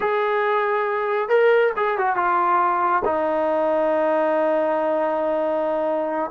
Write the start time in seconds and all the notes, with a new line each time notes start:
0.00 G#4
1.28 A#4
1.76 G#4
1.98 F#4
2.16 F4
3.04 D#4